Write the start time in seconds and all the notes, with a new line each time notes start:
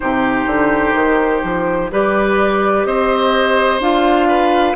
0.00 C3 D#4 G4 C5
0.46 D3
0.94 D#3
1.43 F3
1.91 G3 G4 B4 D5
2.85 C4 C5 D#5
3.79 D4 F4 F5
4.28 B4